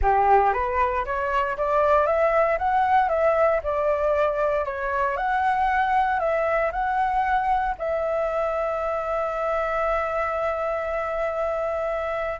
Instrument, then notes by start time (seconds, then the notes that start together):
flute
0.01 G4
0.53 B4
1.05 C#5
1.57 D5
2.06 E5
2.58 F#5
3.08 E5
3.63 D5
4.65 C#5
5.16 F#5
6.19 E5
6.71 F#5
7.78 E5